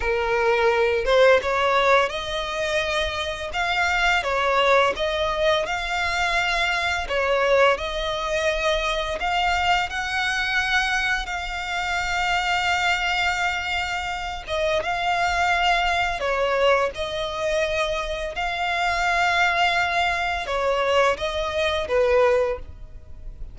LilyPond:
\new Staff \with { instrumentName = "violin" } { \time 4/4 \tempo 4 = 85 ais'4. c''8 cis''4 dis''4~ | dis''4 f''4 cis''4 dis''4 | f''2 cis''4 dis''4~ | dis''4 f''4 fis''2 |
f''1~ | f''8 dis''8 f''2 cis''4 | dis''2 f''2~ | f''4 cis''4 dis''4 b'4 | }